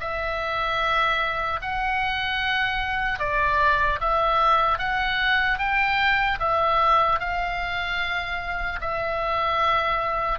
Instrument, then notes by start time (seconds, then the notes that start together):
oboe
0.00 E5
1.61 F#5
3.19 D5
4.00 E5
4.79 F#5
5.58 G5
6.40 E5
7.19 F5
8.81 E5